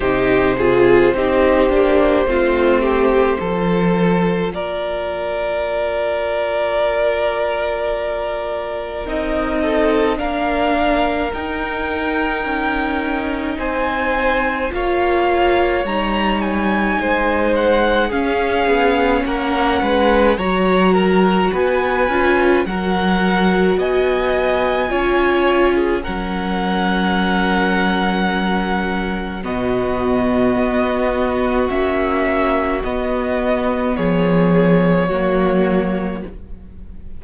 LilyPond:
<<
  \new Staff \with { instrumentName = "violin" } { \time 4/4 \tempo 4 = 53 c''1 | d''1 | dis''4 f''4 g''2 | gis''4 f''4 ais''8 gis''4 fis''8 |
f''4 fis''4 ais''4 gis''4 | fis''4 gis''2 fis''4~ | fis''2 dis''2 | e''4 dis''4 cis''2 | }
  \new Staff \with { instrumentName = "violin" } { \time 4/4 g'8 gis'8 g'4 f'8 g'8 a'4 | ais'1~ | ais'8 a'8 ais'2. | c''4 cis''2 c''4 |
gis'4 ais'8 b'8 cis''8 ais'8 b'4 | ais'4 dis''4 cis''8. gis'16 ais'4~ | ais'2 fis'2~ | fis'2 gis'4 fis'4 | }
  \new Staff \with { instrumentName = "viola" } { \time 4/4 dis'8 f'8 dis'8 d'8 c'4 f'4~ | f'1 | dis'4 d'4 dis'2~ | dis'4 f'4 dis'2 |
cis'2 fis'4. f'8 | fis'2 f'4 cis'4~ | cis'2 b2 | cis'4 b2 ais4 | }
  \new Staff \with { instrumentName = "cello" } { \time 4/4 c4 c'8 ais8 a4 f4 | ais1 | c'4 ais4 dis'4 cis'4 | c'4 ais4 g4 gis4 |
cis'8 b8 ais8 gis8 fis4 b8 cis'8 | fis4 b4 cis'4 fis4~ | fis2 b,4 b4 | ais4 b4 f4 fis4 | }
>>